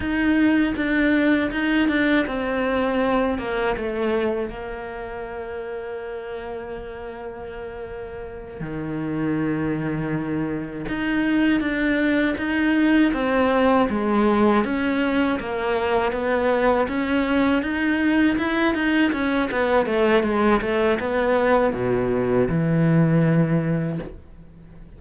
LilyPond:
\new Staff \with { instrumentName = "cello" } { \time 4/4 \tempo 4 = 80 dis'4 d'4 dis'8 d'8 c'4~ | c'8 ais8 a4 ais2~ | ais2.~ ais8 dis8~ | dis2~ dis8 dis'4 d'8~ |
d'8 dis'4 c'4 gis4 cis'8~ | cis'8 ais4 b4 cis'4 dis'8~ | dis'8 e'8 dis'8 cis'8 b8 a8 gis8 a8 | b4 b,4 e2 | }